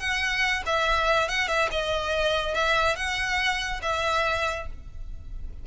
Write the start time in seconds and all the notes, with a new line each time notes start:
0.00 F#5
0.66 E5
1.29 F#5
1.48 E5
1.71 D#5
2.55 E5
2.97 F#5
3.82 E5